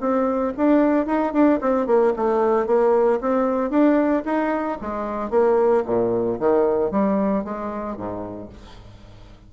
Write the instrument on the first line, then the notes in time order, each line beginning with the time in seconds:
bassoon
0.00 C4
0.57 D4
1.06 D#4
1.33 D4
1.61 C4
1.87 A#3
2.16 A3
2.66 A#3
3.21 C4
3.70 D4
4.25 D#4
4.81 G#3
5.30 A#3
5.86 A#2
6.40 D#3
6.91 G3
7.44 G#3
7.96 G#2